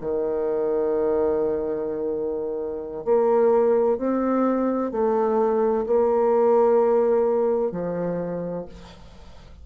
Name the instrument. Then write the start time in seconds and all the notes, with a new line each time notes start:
bassoon
0.00 D#3
3.04 A#3
3.98 C4
4.91 A3
5.86 A#3
7.71 F3